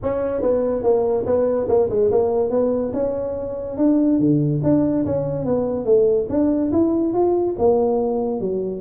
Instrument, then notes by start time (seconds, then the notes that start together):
tuba
0.02 C#4
0.41 B3
0.83 A#3
1.25 B3
1.68 A#3
1.89 G#3
2.11 A#3
2.50 B3
2.93 C#4
3.77 D4
4.19 D3
4.63 D4
5.05 C#4
5.45 B3
5.85 A3
6.29 D4
6.72 E4
7.13 F4
7.58 A#3
8.40 F#3